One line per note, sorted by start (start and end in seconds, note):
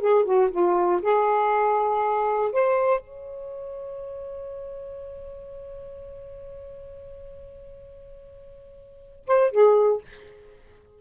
0.00 0.25 G#4
0.25 0.50 F#4
0.51 1.01 F4
1.02 2.52 G#4
2.52 3.00 C5
3.00 9.25 C#5
9.27 9.51 C5
9.51 10.01 G#4